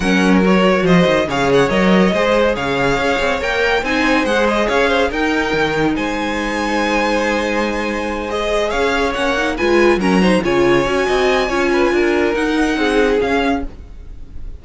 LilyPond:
<<
  \new Staff \with { instrumentName = "violin" } { \time 4/4 \tempo 4 = 141 fis''4 cis''4 dis''4 f''8 fis''8 | dis''2 f''2 | g''4 gis''4 fis''8 dis''8 f''4 | g''2 gis''2~ |
gis''2.~ gis''8 dis''8~ | dis''8 f''4 fis''4 gis''4 ais''8~ | ais''8 gis''2.~ gis''8~ | gis''4 fis''2 f''4 | }
  \new Staff \with { instrumentName = "violin" } { \time 4/4 ais'2 c''4 cis''4~ | cis''4 c''4 cis''2~ | cis''4 c''2 cis''8 c''8 | ais'2 c''2~ |
c''1~ | c''8 cis''2 b'4 ais'8 | c''8 cis''4. dis''4 cis''8 b'8 | ais'2 gis'2 | }
  \new Staff \with { instrumentName = "viola" } { \time 4/4 cis'4 fis'2 gis'4 | ais'4 gis'2. | ais'4 dis'4 gis'2 | dis'1~ |
dis'2.~ dis'8 gis'8~ | gis'4. cis'8 dis'8 f'4 cis'8 | dis'8 f'4 fis'4. f'4~ | f'4 dis'2 cis'4 | }
  \new Staff \with { instrumentName = "cello" } { \time 4/4 fis2 f8 dis8 cis4 | fis4 gis4 cis4 cis'8 c'8 | ais4 c'4 gis4 cis'4 | dis'4 dis4 gis2~ |
gis1~ | gis8 cis'4 ais4 gis4 fis8~ | fis8 cis4 cis'8 c'4 cis'4 | d'4 dis'4 c'4 cis'4 | }
>>